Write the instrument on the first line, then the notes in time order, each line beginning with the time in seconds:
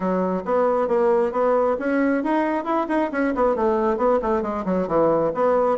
bassoon
0.00 F#3
0.45 B3
0.87 A#3
1.32 B3
1.79 C#4
2.23 D#4
2.64 E4
2.88 D#4
3.11 C#4
3.35 B3
3.55 A3
3.97 B3
4.22 A3
4.42 G#3
4.65 F#3
4.87 E3
5.34 B3